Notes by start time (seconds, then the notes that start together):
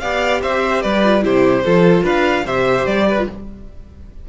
0.00 B3 G4 D5 F5
0.42 C4 C5 E5
0.82 G3 B4 D5
1.04 F4
1.21 C3 E4 G4 C5
1.64 F3 F4 A4
2.03 D4 B4 F5
2.45 C3 G4 C5 E5
2.86 G3 D5
3.08 B4
3.18 F4